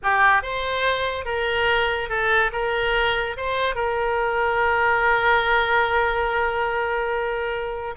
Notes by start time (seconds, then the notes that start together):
0.02 G4
0.42 C5
1.25 A#4
2.09 A4
2.52 A#4
3.37 C5
3.75 A#4